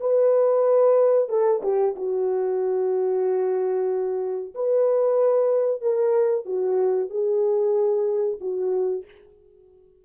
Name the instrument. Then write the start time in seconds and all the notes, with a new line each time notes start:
horn
0.00 B4
1.29 A4
1.62 G4
1.96 F#4
4.54 B4
5.81 A#4
6.45 F#4
7.09 G#4
8.40 F#4